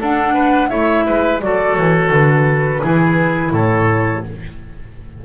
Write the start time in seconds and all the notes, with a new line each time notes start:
0.00 D4 A4 F#5
0.33 B4
0.69 A3 E4 C#5 E5
1.06 G#3 B4
1.41 F#3 F#4 A4 D5
1.75 E3 C#5
2.10 D3 B4
2.82 E3 E4 G#4
3.51 A2 A4 C#5